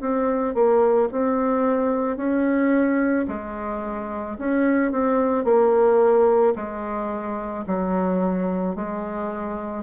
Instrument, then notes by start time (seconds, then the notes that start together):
bassoon
0.00 C4
0.54 A#3
1.11 C4
2.16 C#4
3.28 G#3
4.38 C#4
4.91 C4
5.44 A#3
6.55 G#3
7.66 F#3
8.75 G#3